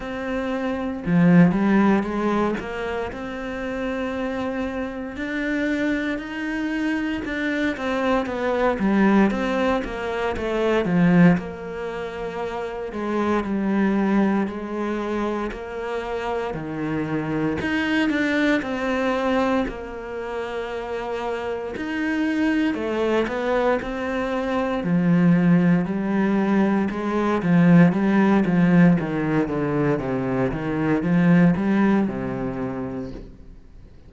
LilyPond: \new Staff \with { instrumentName = "cello" } { \time 4/4 \tempo 4 = 58 c'4 f8 g8 gis8 ais8 c'4~ | c'4 d'4 dis'4 d'8 c'8 | b8 g8 c'8 ais8 a8 f8 ais4~ | ais8 gis8 g4 gis4 ais4 |
dis4 dis'8 d'8 c'4 ais4~ | ais4 dis'4 a8 b8 c'4 | f4 g4 gis8 f8 g8 f8 | dis8 d8 c8 dis8 f8 g8 c4 | }